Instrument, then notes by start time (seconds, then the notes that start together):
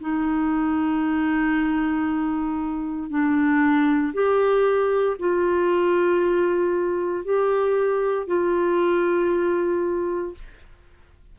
clarinet
0.00 D#4
3.09 D4
4.13 G4
5.19 F4
7.25 G4
8.27 F4